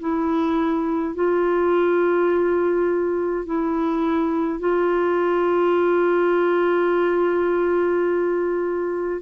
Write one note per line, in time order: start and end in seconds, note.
0.00 1.15 E4
1.15 3.46 F4
3.46 4.60 E4
4.60 9.22 F4